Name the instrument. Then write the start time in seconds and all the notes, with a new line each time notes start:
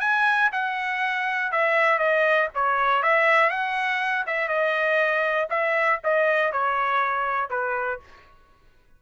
trumpet
0.00 G#5
0.52 F#5
1.51 E5
1.98 D#5
2.54 C#5
3.02 E5
3.50 F#5
4.26 E5
4.48 D#5
5.50 E5
6.04 D#5
6.52 C#5
7.50 B4